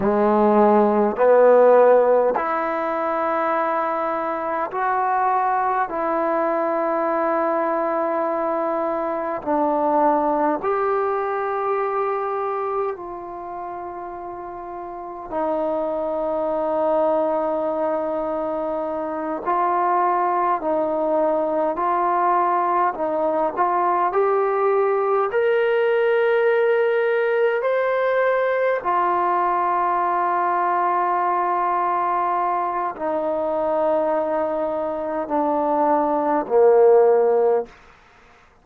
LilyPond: \new Staff \with { instrumentName = "trombone" } { \time 4/4 \tempo 4 = 51 gis4 b4 e'2 | fis'4 e'2. | d'4 g'2 f'4~ | f'4 dis'2.~ |
dis'8 f'4 dis'4 f'4 dis'8 | f'8 g'4 ais'2 c''8~ | c''8 f'2.~ f'8 | dis'2 d'4 ais4 | }